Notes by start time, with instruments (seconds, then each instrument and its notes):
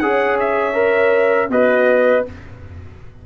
0.00 tuba C#4, trombone G#4, horn C#5, trumpet F#5
0.40 trumpet E5
0.74 trombone A#4
1.50 tuba B3, horn F#4, trombone B4, trumpet D#5